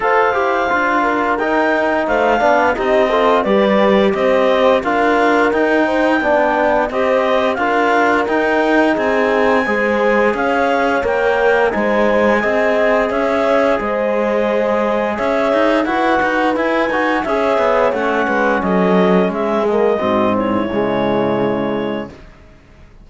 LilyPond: <<
  \new Staff \with { instrumentName = "clarinet" } { \time 4/4 \tempo 4 = 87 f''2 g''4 f''4 | dis''4 d''4 dis''4 f''4 | g''2 dis''4 f''4 | g''4 gis''2 f''4 |
g''4 gis''2 e''4 | dis''2 e''4 fis''4 | gis''4 e''4 fis''4 dis''4 | e''8 dis''4 cis''2~ cis''8 | }
  \new Staff \with { instrumentName = "horn" } { \time 4/4 c''4. ais'4. c''8 d''8 | g'8 a'8 b'4 c''4 ais'4~ | ais'8 c''8 d''4 c''4 ais'4~ | ais'4 gis'4 c''4 cis''4~ |
cis''4 c''4 dis''4 cis''4 | c''2 cis''4 b'4~ | b'4 cis''4. b'8 a'4 | gis'4 fis'8 e'2~ e'8 | }
  \new Staff \with { instrumentName = "trombone" } { \time 4/4 a'8 g'8 f'4 dis'4. d'8 | dis'8 f'8 g'2 f'4 | dis'4 d'4 g'4 f'4 | dis'2 gis'2 |
ais'4 dis'4 gis'2~ | gis'2. fis'4 | e'8 fis'8 gis'4 cis'2~ | cis'8 ais8 c'4 gis2 | }
  \new Staff \with { instrumentName = "cello" } { \time 4/4 f'8 e'8 d'4 dis'4 a8 b8 | c'4 g4 c'4 d'4 | dis'4 b4 c'4 d'4 | dis'4 c'4 gis4 cis'4 |
ais4 gis4 c'4 cis'4 | gis2 cis'8 dis'8 e'8 dis'8 | e'8 dis'8 cis'8 b8 a8 gis8 fis4 | gis4 gis,4 cis2 | }
>>